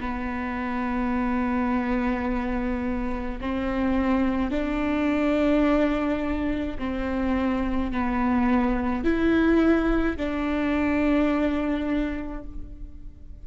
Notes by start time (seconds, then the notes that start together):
0.00 B3
3.41 C4
4.51 D4
6.79 C4
7.92 B3
9.04 E4
10.17 D4